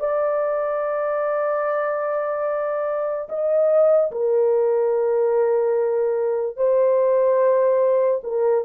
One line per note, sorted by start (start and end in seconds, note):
0.00 3.29 D5
3.29 4.11 D#5
4.11 6.57 A#4
6.57 8.21 C5
8.23 8.65 A#4